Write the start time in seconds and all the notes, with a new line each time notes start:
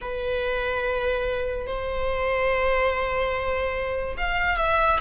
0.01 B4
1.67 C5
4.17 F5
4.57 E5